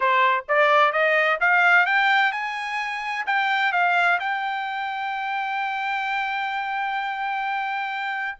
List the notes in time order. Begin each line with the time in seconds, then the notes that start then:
0.00 C5
0.48 D5
0.92 D#5
1.40 F5
1.86 G5
2.32 G#5
3.26 G5
3.72 F5
4.19 G5